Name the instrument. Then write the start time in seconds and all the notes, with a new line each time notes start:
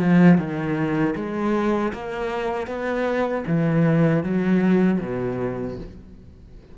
cello
0.00 F3
0.38 D#3
1.16 G#3
1.93 A#3
2.67 B3
3.47 E3
4.23 F#3
5.00 B2